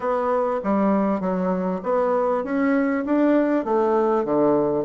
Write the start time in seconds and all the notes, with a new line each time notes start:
0.00 B3
0.63 G3
1.20 F#3
1.83 B3
2.44 C#4
3.05 D4
3.64 A3
4.24 D3